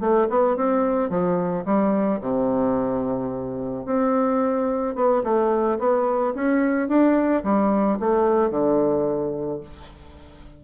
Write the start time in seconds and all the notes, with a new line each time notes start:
0.00 A3
0.30 B3
0.56 C4
1.10 F3
1.65 G3
2.21 C3
3.86 C4
4.95 B3
5.23 A3
5.79 B3
6.35 C#4
6.88 D4
7.44 G3
7.99 A3
8.50 D3